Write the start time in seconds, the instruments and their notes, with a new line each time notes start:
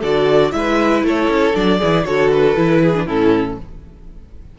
0.00 cello D3, viola F#4, violin A4 D5
0.51 cello G#3, viola E4, violin B4 E5
1.02 cello A3, violin A4 C#5
1.28 cello C#4
1.54 cello F#3, viola D4, violin D5
1.78 cello E3, viola E4, violin G#4
2.05 cello D3, viola F#4, violin A4 C#5
2.31 violin B4
2.56 cello E3, viola E4
2.82 violin G#4
2.94 viola D4
3.06 cello A2, viola C#4, violin E4 A4